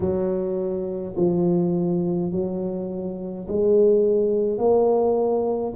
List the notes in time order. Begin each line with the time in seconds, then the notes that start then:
0.00 F#3
1.16 F3
2.31 F#3
3.48 G#3
4.57 A#3